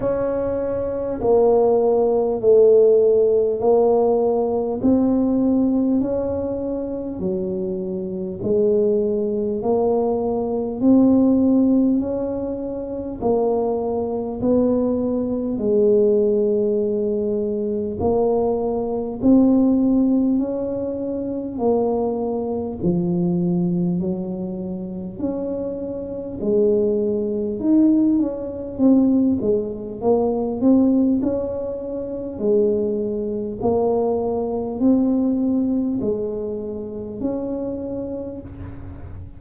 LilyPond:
\new Staff \with { instrumentName = "tuba" } { \time 4/4 \tempo 4 = 50 cis'4 ais4 a4 ais4 | c'4 cis'4 fis4 gis4 | ais4 c'4 cis'4 ais4 | b4 gis2 ais4 |
c'4 cis'4 ais4 f4 | fis4 cis'4 gis4 dis'8 cis'8 | c'8 gis8 ais8 c'8 cis'4 gis4 | ais4 c'4 gis4 cis'4 | }